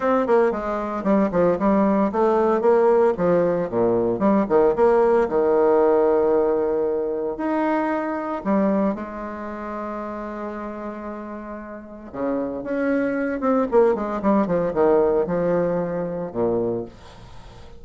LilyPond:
\new Staff \with { instrumentName = "bassoon" } { \time 4/4 \tempo 4 = 114 c'8 ais8 gis4 g8 f8 g4 | a4 ais4 f4 ais,4 | g8 dis8 ais4 dis2~ | dis2 dis'2 |
g4 gis2.~ | gis2. cis4 | cis'4. c'8 ais8 gis8 g8 f8 | dis4 f2 ais,4 | }